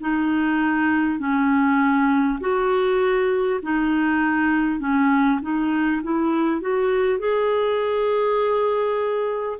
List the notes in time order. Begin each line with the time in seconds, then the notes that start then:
0.00 D#4
1.19 C#4
2.40 F#4
3.63 D#4
4.79 C#4
5.42 D#4
6.03 E4
6.61 F#4
7.19 G#4